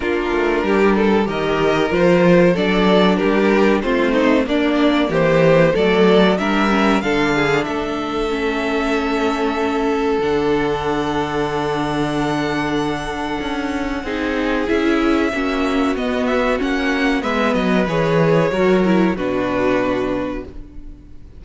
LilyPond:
<<
  \new Staff \with { instrumentName = "violin" } { \time 4/4 \tempo 4 = 94 ais'2 dis''4 c''4 | d''4 ais'4 c''4 d''4 | c''4 d''4 e''4 f''4 | e''1 |
fis''1~ | fis''2. e''4~ | e''4 dis''8 e''8 fis''4 e''8 dis''8 | cis''2 b'2 | }
  \new Staff \with { instrumentName = "violin" } { \time 4/4 f'4 g'8 a'8 ais'2 | a'4 g'4 f'8 dis'8 d'4 | g'4 a'4 ais'4 a'8 gis'8 | a'1~ |
a'1~ | a'2 gis'2 | fis'2. b'4~ | b'4 ais'4 fis'2 | }
  \new Staff \with { instrumentName = "viola" } { \time 4/4 d'2 g'4 f'4 | d'2 c'4 ais4~ | ais4 a4 d'8 cis'8 d'4~ | d'4 cis'2. |
d'1~ | d'2 dis'4 e'4 | cis'4 b4 cis'4 b4 | gis'4 fis'8 e'8 d'2 | }
  \new Staff \with { instrumentName = "cello" } { \time 4/4 ais8 a8 g4 dis4 f4 | fis4 g4 a4 ais4 | e4 fis4 g4 d4 | a1 |
d1~ | d4 cis'4 c'4 cis'4 | ais4 b4 ais4 gis8 fis8 | e4 fis4 b,2 | }
>>